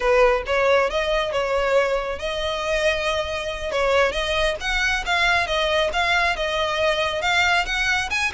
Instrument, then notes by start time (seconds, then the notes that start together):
violin
0.00 B4
0.46 C#5
0.90 D#5
1.32 C#5
2.18 D#5
3.71 C#5
4.12 D#5
4.60 F#5
5.05 F5
5.46 D#5
5.92 F5
6.35 D#5
7.21 F5
7.65 F#5
8.10 G#5